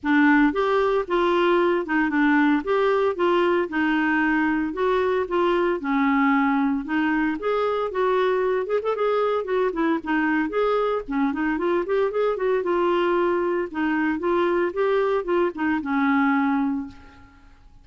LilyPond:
\new Staff \with { instrumentName = "clarinet" } { \time 4/4 \tempo 4 = 114 d'4 g'4 f'4. dis'8 | d'4 g'4 f'4 dis'4~ | dis'4 fis'4 f'4 cis'4~ | cis'4 dis'4 gis'4 fis'4~ |
fis'8 gis'16 a'16 gis'4 fis'8 e'8 dis'4 | gis'4 cis'8 dis'8 f'8 g'8 gis'8 fis'8 | f'2 dis'4 f'4 | g'4 f'8 dis'8 cis'2 | }